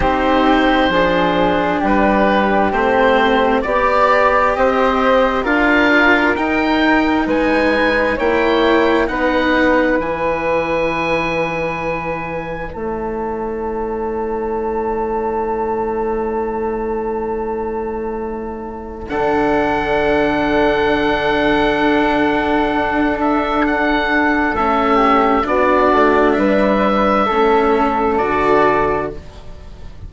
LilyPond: <<
  \new Staff \with { instrumentName = "oboe" } { \time 4/4 \tempo 4 = 66 c''2 b'4 c''4 | d''4 dis''4 f''4 g''4 | gis''4 g''4 fis''4 gis''4~ | gis''2 a''2~ |
a''1~ | a''4 fis''2.~ | fis''4. e''8 fis''4 e''4 | d''4 e''2 d''4 | }
  \new Staff \with { instrumentName = "flute" } { \time 4/4 g'4 gis'4 g'2 | d''4 c''4 ais'2 | b'4 cis''4 b'2~ | b'2 cis''2~ |
cis''1~ | cis''4 a'2.~ | a'2.~ a'8 g'8 | fis'4 b'4 a'2 | }
  \new Staff \with { instrumentName = "cello" } { \time 4/4 dis'4 d'2 c'4 | g'2 f'4 dis'4~ | dis'4 e'4 dis'4 e'4~ | e'1~ |
e'1~ | e'4 d'2.~ | d'2. cis'4 | d'2 cis'4 fis'4 | }
  \new Staff \with { instrumentName = "bassoon" } { \time 4/4 c'4 f4 g4 a4 | b4 c'4 d'4 dis'4 | gis4 ais4 b4 e4~ | e2 a2~ |
a1~ | a4 d2.~ | d4 d'2 a4 | b8 a8 g4 a4 d4 | }
>>